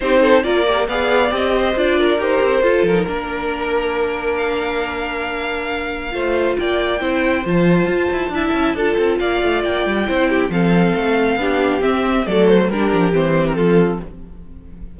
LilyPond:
<<
  \new Staff \with { instrumentName = "violin" } { \time 4/4 \tempo 4 = 137 c''4 d''4 f''4 dis''4 | d''4 c''4. ais'4.~ | ais'2 f''2~ | f''2. g''4~ |
g''4 a''2.~ | a''4 f''4 g''2 | f''2. e''4 | d''8 c''8 ais'4 c''8. ais'16 a'4 | }
  \new Staff \with { instrumentName = "violin" } { \time 4/4 g'8 a'8 ais'4 d''4. c''8~ | c''8 ais'4. a'4 ais'4~ | ais'1~ | ais'2 c''4 d''4 |
c''2. e''4 | a'4 d''2 c''8 g'8 | a'2 g'2 | a'4 g'2 f'4 | }
  \new Staff \with { instrumentName = "viola" } { \time 4/4 dis'4 f'8 g'8 gis'4 g'4 | f'4 g'4 f'8. dis'16 d'4~ | d'1~ | d'2 f'2 |
e'4 f'2 e'4 | f'2. e'4 | c'2 d'4 c'4 | a4 d'4 c'2 | }
  \new Staff \with { instrumentName = "cello" } { \time 4/4 c'4 ais4 b4 c'4 | d'4 dis'8 c'8 f'8 f8 ais4~ | ais1~ | ais2 a4 ais4 |
c'4 f4 f'8 e'8 d'8 cis'8 | d'8 c'8 ais8 a8 ais8 g8 c'4 | f4 a4 b4 c'4 | fis4 g8 f8 e4 f4 | }
>>